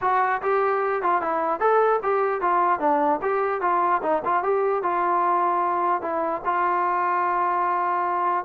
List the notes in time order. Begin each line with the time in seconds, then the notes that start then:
0.01 F#4
0.42 G4
1.02 F4
1.21 E4
1.59 A4
2.03 G4
2.41 F4
2.79 D4
3.22 G4
3.61 F4
4.02 D#4
4.24 F4
4.43 G4
4.82 F4
6.01 E4
6.44 F4